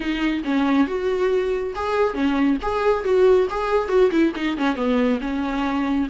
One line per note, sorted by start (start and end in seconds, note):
0.00 0.42 D#4
0.44 0.87 C#4
0.87 1.74 F#4
1.75 2.13 G#4
2.13 2.57 C#4
2.62 3.04 G#4
3.04 3.47 F#4
3.50 3.88 G#4
3.88 4.10 F#4
4.11 4.32 E4
4.35 4.57 D#4
4.57 4.75 C#4
4.75 5.19 B3
5.21 6.08 C#4